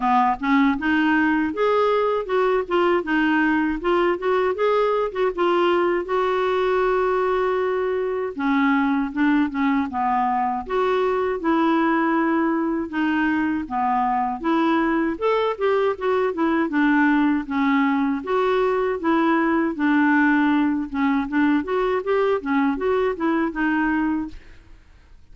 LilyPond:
\new Staff \with { instrumentName = "clarinet" } { \time 4/4 \tempo 4 = 79 b8 cis'8 dis'4 gis'4 fis'8 f'8 | dis'4 f'8 fis'8 gis'8. fis'16 f'4 | fis'2. cis'4 | d'8 cis'8 b4 fis'4 e'4~ |
e'4 dis'4 b4 e'4 | a'8 g'8 fis'8 e'8 d'4 cis'4 | fis'4 e'4 d'4. cis'8 | d'8 fis'8 g'8 cis'8 fis'8 e'8 dis'4 | }